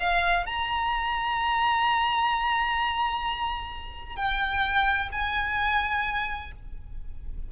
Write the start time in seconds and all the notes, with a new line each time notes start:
0.00 F5
0.46 A#5
4.16 G5
5.12 G#5